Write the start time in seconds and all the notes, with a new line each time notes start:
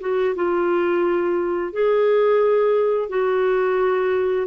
0.00 F#4
0.35 F4
1.72 G#4
3.09 F#4